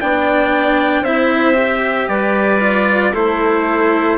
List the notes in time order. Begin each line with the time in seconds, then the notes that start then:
0.00 B3 D4 D5 G5
1.01 C4 E4 C5 E5
1.54 G4
2.08 G3 B4 D5
2.60 F4
3.12 A3 E4 A4 C5